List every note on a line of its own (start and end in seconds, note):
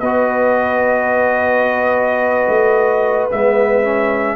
0.00 2.47 B3
0.00 3.31 F#4
0.00 4.36 B4
0.00 3.27 D#5
2.48 3.30 A3
3.31 4.36 G#3
3.31 3.83 B3
3.31 4.36 E5
3.83 4.36 C#4